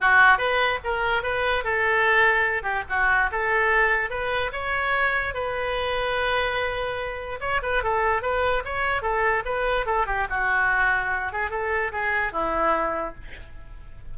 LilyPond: \new Staff \with { instrumentName = "oboe" } { \time 4/4 \tempo 4 = 146 fis'4 b'4 ais'4 b'4 | a'2~ a'8 g'8 fis'4 | a'2 b'4 cis''4~ | cis''4 b'2.~ |
b'2 cis''8 b'8 a'4 | b'4 cis''4 a'4 b'4 | a'8 g'8 fis'2~ fis'8 gis'8 | a'4 gis'4 e'2 | }